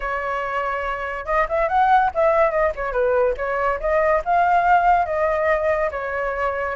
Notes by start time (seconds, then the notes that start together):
0.00 C#5
1.25 D#5
1.48 E5
1.68 F#5
2.14 E5
2.50 D#5
2.75 C#5
2.92 B4
3.37 C#5
3.79 D#5
4.24 F5
5.05 D#5
5.91 C#5